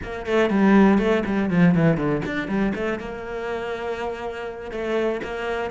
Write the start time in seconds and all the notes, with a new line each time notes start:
0.03 A#3
0.25 A3
0.50 G3
0.98 A3
1.25 G3
1.49 F3
1.75 E3
1.97 D3
2.25 D4
2.47 G3
2.75 A3
2.99 A#3
4.71 A3
5.23 A#3